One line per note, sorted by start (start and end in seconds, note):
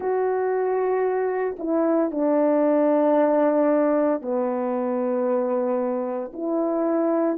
0.00 1.56 F#4
1.58 2.11 E4
2.11 4.21 D4
4.21 6.32 B3
6.33 7.38 E4